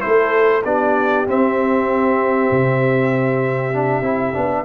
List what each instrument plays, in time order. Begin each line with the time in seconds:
0.00 tuba A3, trombone E4, horn A4, trumpet C5
0.64 tuba B3, trombone D4, horn G4, trumpet D5
1.26 trombone C4, tuba C4, trumpet E5
2.51 tuba C3
3.73 trombone D4
4.01 tuba C4, trombone E4
4.33 tuba B3, trombone D4